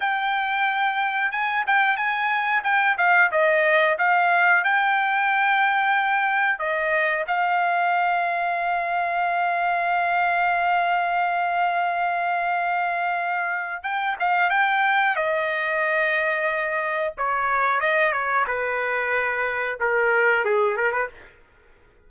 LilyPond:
\new Staff \with { instrumentName = "trumpet" } { \time 4/4 \tempo 4 = 91 g''2 gis''8 g''8 gis''4 | g''8 f''8 dis''4 f''4 g''4~ | g''2 dis''4 f''4~ | f''1~ |
f''1~ | f''4 g''8 f''8 g''4 dis''4~ | dis''2 cis''4 dis''8 cis''8 | b'2 ais'4 gis'8 ais'16 b'16 | }